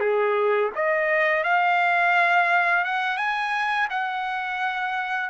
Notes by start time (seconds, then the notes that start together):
0.00 G#4
0.75 D#5
1.44 F5
2.85 F#5
3.17 G#5
3.90 F#5